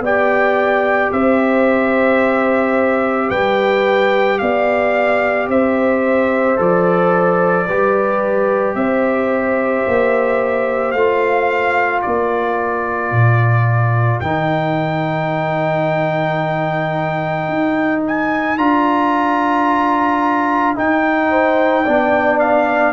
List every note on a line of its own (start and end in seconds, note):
0.00 1.09 B3
0.00 6.57 G4
0.00 1.12 D5
0.00 1.12 G5
1.12 3.30 C4
1.12 3.29 C5
1.12 3.30 E5
3.29 4.40 G3
3.29 4.38 B4
3.29 4.39 G5
4.39 5.48 B3
4.39 5.50 D5
4.39 5.48 F5
5.48 6.57 C4
5.48 7.67 C5
5.48 6.60 E5
6.57 7.68 F3
6.57 7.66 A4
6.57 8.75 D5
7.67 8.75 G3
7.67 10.97 G4
7.67 8.76 B4
8.75 9.84 C4
8.75 12.04 C5
8.75 10.92 E5
9.87 10.93 A#3
10.92 12.02 A3
10.92 14.23 F4
10.92 12.01 F5
12.02 13.12 A#3
12.02 21.30 A#4
12.02 14.20 D5
13.12 14.21 A#2
14.20 17.48 D#3
14.20 18.58 D#4
14.20 18.02 G5
17.48 18.57 D#4
18.07 18.58 G#5
18.57 20.76 D4
18.57 20.75 F4
18.57 20.76 A#5
20.75 21.85 D#4
20.75 21.87 D#4
20.75 22.40 G5
21.30 21.84 C5
21.84 22.93 B3
21.84 22.93 D4
21.84 22.93 D5
22.40 22.93 F5